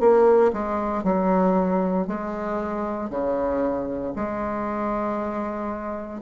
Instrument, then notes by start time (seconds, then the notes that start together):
bassoon
0.00 A#3
0.53 G#3
1.04 F#3
2.07 G#3
3.10 C#3
4.16 G#3